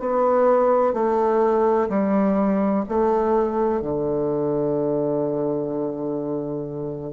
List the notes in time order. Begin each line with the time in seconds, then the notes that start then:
0.00 B3
0.94 A3
1.90 G3
2.89 A3
3.81 D3